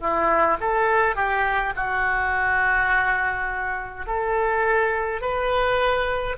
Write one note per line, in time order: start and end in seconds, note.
0.00 0.58 E4
0.61 1.16 A4
1.16 1.74 G4
1.76 4.06 F#4
4.06 5.21 A4
5.21 6.37 B4